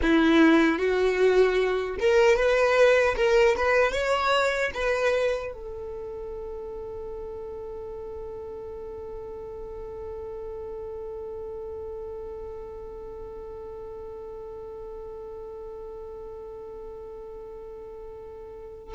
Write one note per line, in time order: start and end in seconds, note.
0.02 0.78 E4
0.78 1.97 F#4
1.99 2.36 A#4
2.36 3.15 B4
3.16 3.55 A#4
3.57 3.92 B4
3.92 4.71 C#5
4.74 5.53 B4
5.53 18.94 A4